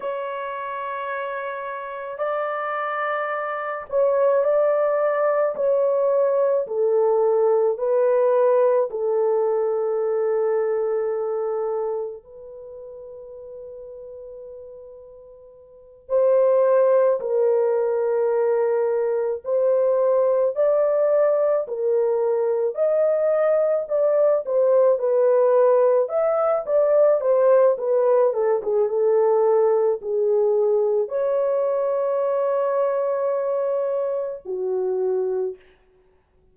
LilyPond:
\new Staff \with { instrumentName = "horn" } { \time 4/4 \tempo 4 = 54 cis''2 d''4. cis''8 | d''4 cis''4 a'4 b'4 | a'2. b'4~ | b'2~ b'8 c''4 ais'8~ |
ais'4. c''4 d''4 ais'8~ | ais'8 dis''4 d''8 c''8 b'4 e''8 | d''8 c''8 b'8 a'16 gis'16 a'4 gis'4 | cis''2. fis'4 | }